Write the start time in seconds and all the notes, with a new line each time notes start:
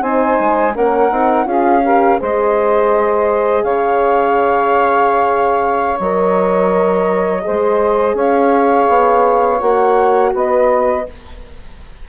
0.00 C4 D#4 C5 G#5
0.39 G#3
0.74 A#3 C#4 A#4 F#5
1.10 C4 D#4
1.45 C#4 F4 G#4 F5
1.84 G4 A#4
2.19 G#3 G#4 C5 D#5
3.63 C#3 C#5 F5
5.99 F#3 A#4 D#5
7.42 G#4 C5
7.48 G#3
8.14 C#4 C#5 F5
8.88 B3
9.60 A#3 F#4 F#5
10.33 B3 B4 D#5